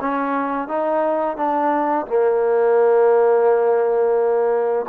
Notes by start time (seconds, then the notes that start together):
0.00 C#4
0.68 D#4
1.36 D4
2.06 A#3